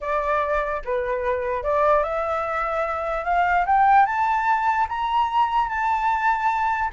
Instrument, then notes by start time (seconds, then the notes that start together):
flute
0.00 D5
0.85 B4
1.63 D5
2.03 E5
3.24 F5
3.66 G5
4.05 A5
4.89 A#5
5.68 A5